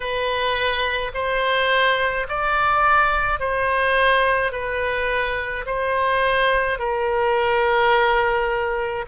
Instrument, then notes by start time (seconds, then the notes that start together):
oboe
0.00 B4
1.13 C5
2.28 D5
3.40 C5
4.51 B4
5.66 C5
6.79 A#4